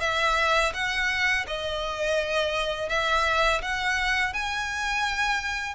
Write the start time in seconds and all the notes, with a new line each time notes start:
0.00 E5
0.74 F#5
1.47 D#5
2.89 E5
3.62 F#5
4.33 G#5